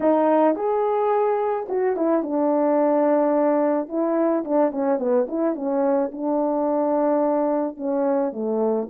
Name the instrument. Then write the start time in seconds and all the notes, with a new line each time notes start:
horn
0.00 D#4
0.55 G#4
1.68 F#4
1.96 E4
2.22 D4
3.88 E4
4.44 D4
4.71 C#4
4.98 B3
5.28 E4
5.55 C#4
6.12 D4
7.77 C#4
8.32 A3